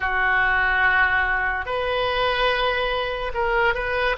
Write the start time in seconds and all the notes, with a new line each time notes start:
0.00 F#4
1.65 B4
3.33 A#4
3.74 B4